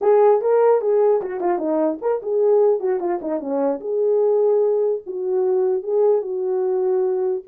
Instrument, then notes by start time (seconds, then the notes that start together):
horn
0.01 G#4
0.41 A#4
0.81 G#4
1.21 F#4
1.40 F4
1.58 D#4
2.01 A#4
2.22 G#4
2.79 F#4
2.99 F4
3.21 D#4
3.40 C#4
3.80 G#4
5.06 F#4
5.82 G#4
6.21 F#4